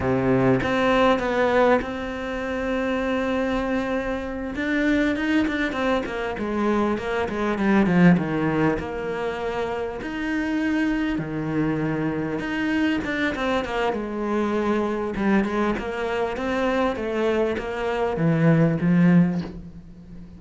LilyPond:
\new Staff \with { instrumentName = "cello" } { \time 4/4 \tempo 4 = 99 c4 c'4 b4 c'4~ | c'2.~ c'8 d'8~ | d'8 dis'8 d'8 c'8 ais8 gis4 ais8 | gis8 g8 f8 dis4 ais4.~ |
ais8 dis'2 dis4.~ | dis8 dis'4 d'8 c'8 ais8 gis4~ | gis4 g8 gis8 ais4 c'4 | a4 ais4 e4 f4 | }